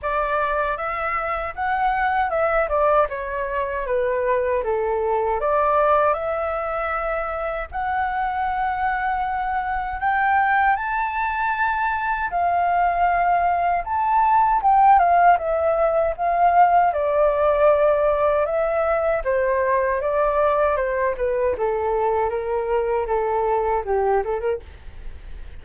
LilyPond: \new Staff \with { instrumentName = "flute" } { \time 4/4 \tempo 4 = 78 d''4 e''4 fis''4 e''8 d''8 | cis''4 b'4 a'4 d''4 | e''2 fis''2~ | fis''4 g''4 a''2 |
f''2 a''4 g''8 f''8 | e''4 f''4 d''2 | e''4 c''4 d''4 c''8 b'8 | a'4 ais'4 a'4 g'8 a'16 ais'16 | }